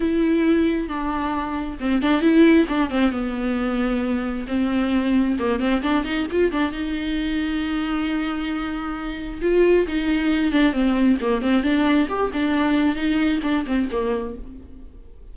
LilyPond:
\new Staff \with { instrumentName = "viola" } { \time 4/4 \tempo 4 = 134 e'2 d'2 | c'8 d'8 e'4 d'8 c'8 b4~ | b2 c'2 | ais8 c'8 d'8 dis'8 f'8 d'8 dis'4~ |
dis'1~ | dis'4 f'4 dis'4. d'8 | c'4 ais8 c'8 d'4 g'8 d'8~ | d'4 dis'4 d'8 c'8 ais4 | }